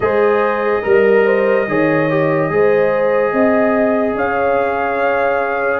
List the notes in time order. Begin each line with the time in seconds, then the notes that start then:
0.00 G#3 G#4 C5 D#5
0.81 G3 A#4
1.25 C5
1.67 D#3 G#4 C#5
2.09 G4
2.49 G#3 G#4 C5
3.32 C4 D#5
4.15 C#4 C#5 F5